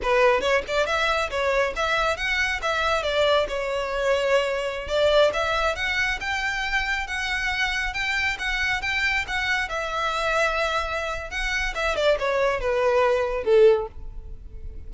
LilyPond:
\new Staff \with { instrumentName = "violin" } { \time 4/4 \tempo 4 = 138 b'4 cis''8 d''8 e''4 cis''4 | e''4 fis''4 e''4 d''4 | cis''2.~ cis''16 d''8.~ | d''16 e''4 fis''4 g''4.~ g''16~ |
g''16 fis''2 g''4 fis''8.~ | fis''16 g''4 fis''4 e''4.~ e''16~ | e''2 fis''4 e''8 d''8 | cis''4 b'2 a'4 | }